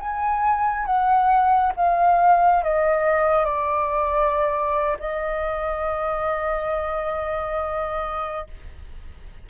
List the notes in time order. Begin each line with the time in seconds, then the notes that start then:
0.00 G#5
0.86 F#5
1.77 F5
2.64 D#5
3.45 D5
5.00 D#5